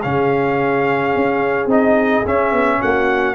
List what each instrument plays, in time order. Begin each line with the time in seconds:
0.00 tuba C#3, trombone C#4, horn G#4, trumpet F5
1.15 tuba C#4
1.66 tuba C4, trombone D#4, trumpet D#5
2.25 trombone C#4, tuba C#4, trumpet E5
2.52 tuba B3
2.80 tuba A#3, horn F#4, trumpet F#5